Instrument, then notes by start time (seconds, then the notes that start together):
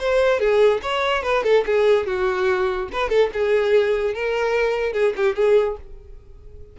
violin
0.00 C5
0.40 G#4
0.83 C#5
1.23 B4
1.44 A4
1.66 G#4
2.07 F#4
2.93 B4
3.10 A4
3.34 G#4
4.15 A#4
4.93 G#4
5.17 G4
5.36 G#4